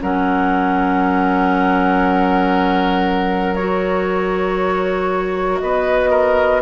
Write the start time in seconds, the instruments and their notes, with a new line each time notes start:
0.00 bassoon F#3, clarinet C#4, oboe A#4, flute F#5
3.55 clarinet F#4, flute C#5
5.60 bassoon B3, oboe B4, flute D#5
6.10 oboe A#4